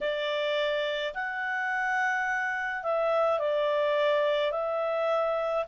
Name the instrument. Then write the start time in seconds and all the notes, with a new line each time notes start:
clarinet
0.01 D5
1.14 F#5
2.83 E5
3.39 D5
4.51 E5